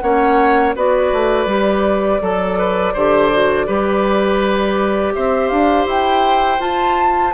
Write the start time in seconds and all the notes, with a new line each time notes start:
0.00 A#3 C#4 C#5 F#5
0.75 B3 F#4 B4 D5
1.12 A3
1.46 G3 G4
2.21 F#3 A4
2.58 B4
2.93 D3 G4 C5
3.32 F#4
3.66 G3 G4 B4
5.14 C4 C5 E5
5.49 D4 F5
5.86 E4 G5
6.60 F4 A5